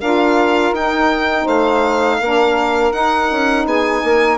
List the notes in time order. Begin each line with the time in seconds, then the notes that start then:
0.00 D4 F4 A#4 F5
0.73 D#4 G5
1.45 A3 C5 F5
2.21 A#3 D4 A#4
2.92 D#4 F#5
3.32 C#4
3.65 B3 G#4 G#5
4.04 A#3 A#4